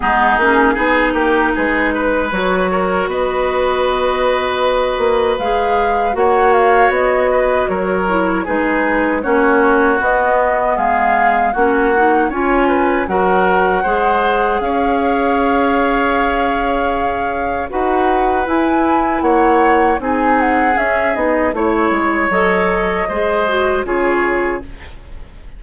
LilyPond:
<<
  \new Staff \with { instrumentName = "flute" } { \time 4/4 \tempo 4 = 78 gis'4. ais'8 b'4 cis''4 | dis''2. f''4 | fis''8 f''8 dis''4 cis''4 b'4 | cis''4 dis''4 f''4 fis''4 |
gis''4 fis''2 f''4~ | f''2. fis''4 | gis''4 fis''4 gis''8 fis''8 e''8 dis''8 | cis''4 dis''2 cis''4 | }
  \new Staff \with { instrumentName = "oboe" } { \time 4/4 dis'4 gis'8 g'8 gis'8 b'4 ais'8 | b'1 | cis''4. b'8 ais'4 gis'4 | fis'2 gis'4 fis'4 |
cis''8 b'8 ais'4 c''4 cis''4~ | cis''2. b'4~ | b'4 cis''4 gis'2 | cis''2 c''4 gis'4 | }
  \new Staff \with { instrumentName = "clarinet" } { \time 4/4 b8 cis'8 dis'2 fis'4~ | fis'2. gis'4 | fis'2~ fis'8 e'8 dis'4 | cis'4 b2 cis'8 dis'8 |
f'4 fis'4 gis'2~ | gis'2. fis'4 | e'2 dis'4 cis'8 dis'8 | e'4 a'4 gis'8 fis'8 f'4 | }
  \new Staff \with { instrumentName = "bassoon" } { \time 4/4 gis8 ais8 b8 ais8 gis4 fis4 | b2~ b8 ais8 gis4 | ais4 b4 fis4 gis4 | ais4 b4 gis4 ais4 |
cis'4 fis4 gis4 cis'4~ | cis'2. dis'4 | e'4 ais4 c'4 cis'8 b8 | a8 gis8 fis4 gis4 cis4 | }
>>